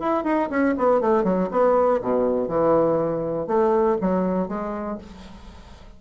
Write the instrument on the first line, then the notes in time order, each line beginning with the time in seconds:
bassoon
0.00 E4
0.24 D#4
0.50 C#4
0.77 B3
1.01 A3
1.24 F#3
1.51 B3
2.02 B2
2.48 E3
3.47 A3
4.01 F#3
4.48 G#3